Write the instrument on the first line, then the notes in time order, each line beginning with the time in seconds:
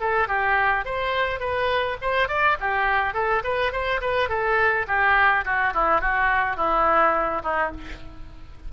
oboe
0.00 A4
0.28 G4
0.85 C5
1.39 B4
2.01 C5
2.28 D5
2.60 G4
3.14 A4
3.44 B4
3.72 C5
4.01 B4
4.29 A4
4.87 G4
5.45 F#4
5.74 E4
6.01 F#4
6.56 E4
7.43 D#4